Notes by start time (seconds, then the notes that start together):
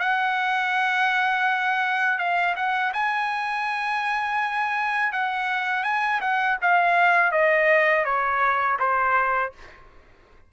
0.00 F#5
2.19 F5
2.56 F#5
2.94 G#5
5.13 F#5
5.84 G#5
6.21 F#5
6.62 F5
7.32 D#5
8.05 C#5
8.79 C5